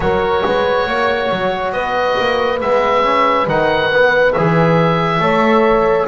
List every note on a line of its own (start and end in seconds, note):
0.00 0.42 F#3
0.00 2.59 F#4
0.00 0.44 A#4
0.00 1.72 C#5
0.44 0.86 G#3
0.44 0.87 B4
0.86 1.30 A#3
0.86 1.74 C#5
1.31 1.72 F#3
1.72 2.15 B3
1.72 5.20 B4
1.72 2.59 D#5
2.19 2.61 A#3
2.61 3.47 G#3
2.61 3.03 B3
2.61 3.48 E5
3.03 3.47 C#4
3.47 4.34 D#3
3.47 3.90 D#4
3.47 4.32 F#5
3.91 4.35 B3
4.32 5.19 E3
4.32 5.20 G#4
4.32 6.06 E5
5.19 6.06 A3
5.19 6.07 A4
5.19 6.07 C#5